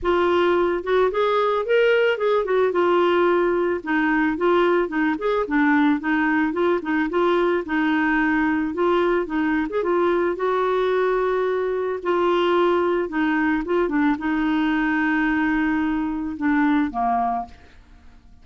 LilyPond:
\new Staff \with { instrumentName = "clarinet" } { \time 4/4 \tempo 4 = 110 f'4. fis'8 gis'4 ais'4 | gis'8 fis'8 f'2 dis'4 | f'4 dis'8 gis'8 d'4 dis'4 | f'8 dis'8 f'4 dis'2 |
f'4 dis'8. gis'16 f'4 fis'4~ | fis'2 f'2 | dis'4 f'8 d'8 dis'2~ | dis'2 d'4 ais4 | }